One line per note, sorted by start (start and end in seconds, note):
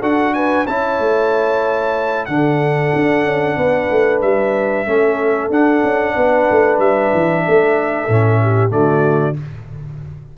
0.00 0.67 D4
0.00 0.67 F#4
0.00 0.32 A4
0.00 0.34 F#5
0.34 0.66 B4
0.34 0.66 G#5
0.66 0.99 C#4
0.66 2.28 E4
0.66 2.27 C#5
0.66 2.25 A5
0.99 2.28 A3
2.25 2.92 D3
2.25 4.86 D4
2.25 4.19 F#5
2.31 3.59 A4
2.96 3.24 D4
3.24 3.56 C#4
3.57 3.89 B3
3.57 4.88 B4
3.91 4.22 A3
4.22 4.87 G3
4.22 5.51 E5
4.86 5.50 A3
4.86 5.51 C#4
4.86 6.14 A4
5.50 5.82 D4
5.50 8.09 D4
5.50 6.80 F#5
5.84 6.16 C#4
6.14 6.49 B3
6.14 7.43 B4
6.51 6.79 A3
6.79 7.11 G3
6.79 8.71 E5
7.14 7.46 E3
7.45 8.08 A3
7.45 8.41 A4
8.08 8.72 A2
8.08 8.69 C#4
8.42 8.73 G4
8.69 9.36 D3
8.69 9.34 A3
8.69 9.38 F#4
8.69 9.36 D5